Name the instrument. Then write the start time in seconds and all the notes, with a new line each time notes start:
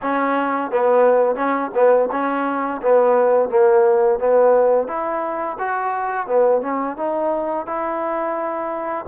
trombone
0.02 C#4
0.71 B3
1.35 C#4
1.74 B3
2.11 C#4
2.82 B3
3.49 A#3
4.19 B3
4.87 E4
5.58 F#4
6.27 B3
6.61 C#4
6.96 D#4
7.66 E4